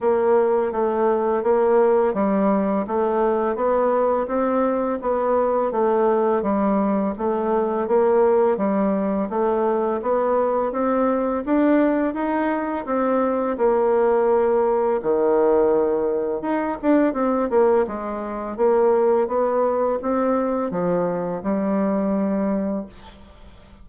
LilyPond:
\new Staff \with { instrumentName = "bassoon" } { \time 4/4 \tempo 4 = 84 ais4 a4 ais4 g4 | a4 b4 c'4 b4 | a4 g4 a4 ais4 | g4 a4 b4 c'4 |
d'4 dis'4 c'4 ais4~ | ais4 dis2 dis'8 d'8 | c'8 ais8 gis4 ais4 b4 | c'4 f4 g2 | }